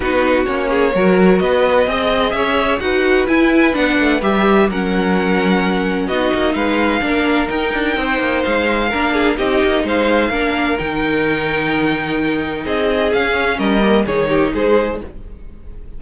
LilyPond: <<
  \new Staff \with { instrumentName = "violin" } { \time 4/4 \tempo 4 = 128 b'4 cis''2 dis''4~ | dis''4 e''4 fis''4 gis''4 | fis''4 e''4 fis''2~ | fis''4 dis''4 f''2 |
g''2 f''2 | dis''4 f''2 g''4~ | g''2. dis''4 | f''4 dis''4 cis''4 c''4 | }
  \new Staff \with { instrumentName = "violin" } { \time 4/4 fis'4. gis'8 ais'4 b'4 | dis''4 cis''4 b'2~ | b'2 ais'2~ | ais'4 fis'4 b'4 ais'4~ |
ais'4 c''2 ais'8 gis'8 | g'4 c''4 ais'2~ | ais'2. gis'4~ | gis'4 ais'4 gis'8 g'8 gis'4 | }
  \new Staff \with { instrumentName = "viola" } { \time 4/4 dis'4 cis'4 fis'2 | gis'2 fis'4 e'4 | d'4 g'4 cis'2~ | cis'4 dis'2 d'4 |
dis'2. d'4 | dis'2 d'4 dis'4~ | dis'1 | cis'4. ais8 dis'2 | }
  \new Staff \with { instrumentName = "cello" } { \time 4/4 b4 ais4 fis4 b4 | c'4 cis'4 dis'4 e'4 | b8 a8 g4 fis2~ | fis4 b8 ais8 gis4 ais4 |
dis'8 d'8 c'8 ais8 gis4 ais4 | c'8 ais8 gis4 ais4 dis4~ | dis2. c'4 | cis'4 g4 dis4 gis4 | }
>>